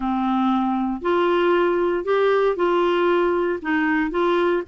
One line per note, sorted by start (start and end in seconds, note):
0.00 1.01 C4
1.01 2.04 F4
2.04 2.56 G4
2.56 3.59 F4
3.62 4.11 D#4
4.11 4.62 F4